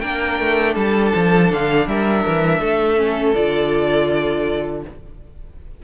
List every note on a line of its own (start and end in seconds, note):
0.00 0.40 A#3
0.00 2.97 D4
0.00 0.74 A#4
0.00 0.74 G5
0.40 0.76 A3
0.74 1.13 G3
0.74 1.85 A4
0.74 1.52 A5
1.15 1.52 F3
1.52 1.87 D3
1.52 1.88 F5
1.87 2.24 G3
1.87 2.60 A#4
1.87 3.35 E5
2.27 2.60 E3
2.60 3.34 A3
2.60 4.83 A4
2.97 3.34 C#4
3.35 4.84 D3
3.35 4.84 F4
3.35 4.83 D5